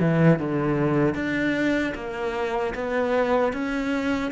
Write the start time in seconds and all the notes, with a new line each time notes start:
0.00 E3
0.39 D3
1.14 D4
1.94 A#3
2.75 B3
3.53 C#4